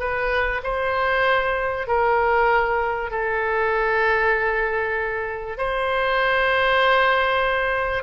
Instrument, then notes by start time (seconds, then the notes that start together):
oboe
0.00 B4
0.64 C5
1.88 A#4
3.11 A4
5.58 C5